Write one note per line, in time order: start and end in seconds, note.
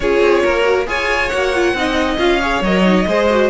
0.00 0.20 C#4
0.00 0.63 F4
0.00 0.43 G#4
0.00 0.87 C#5
0.20 0.42 C4
0.43 0.87 A#3
0.43 0.87 A#4
0.63 0.85 F#4
0.85 1.31 F4
0.85 1.29 G#4
0.85 1.76 C#5
0.85 1.29 G#5
1.29 1.73 A#3
1.29 1.54 F#4
1.29 2.17 F#5
1.54 1.76 F4
1.73 2.17 C4
1.73 2.18 D#4
1.73 2.41 D#5
2.18 2.61 C#4
2.18 2.40 F4
2.18 2.62 F5
2.41 2.64 G#4
2.41 3.07 C#5
2.61 3.04 F#3
2.61 2.84 A#4
2.61 3.49 D#5
2.84 3.06 D#4
3.07 3.49 G#3
3.07 3.30 G#4
3.07 3.49 C5
3.30 3.49 F#4